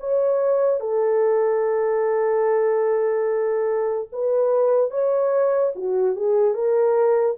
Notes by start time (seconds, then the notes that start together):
0.00 C#5
0.80 A4
4.12 B4
4.91 C#5
5.76 F#4
6.16 G#4
6.55 A#4